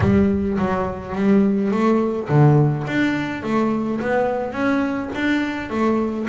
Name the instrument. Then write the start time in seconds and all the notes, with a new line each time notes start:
double bass
0.00 G3
0.57 F#3
1.15 G3
1.71 A3
2.29 D3
2.87 D4
3.42 A3
4.00 B3
4.52 C#4
5.14 D4
5.69 A3